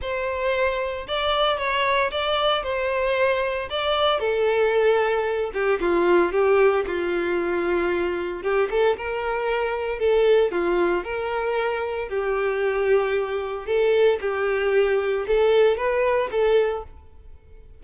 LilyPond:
\new Staff \with { instrumentName = "violin" } { \time 4/4 \tempo 4 = 114 c''2 d''4 cis''4 | d''4 c''2 d''4 | a'2~ a'8 g'8 f'4 | g'4 f'2. |
g'8 a'8 ais'2 a'4 | f'4 ais'2 g'4~ | g'2 a'4 g'4~ | g'4 a'4 b'4 a'4 | }